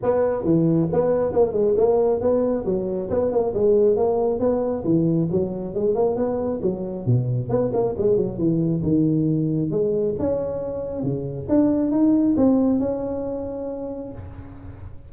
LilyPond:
\new Staff \with { instrumentName = "tuba" } { \time 4/4 \tempo 4 = 136 b4 e4 b4 ais8 gis8 | ais4 b4 fis4 b8 ais8 | gis4 ais4 b4 e4 | fis4 gis8 ais8 b4 fis4 |
b,4 b8 ais8 gis8 fis8 e4 | dis2 gis4 cis'4~ | cis'4 cis4 d'4 dis'4 | c'4 cis'2. | }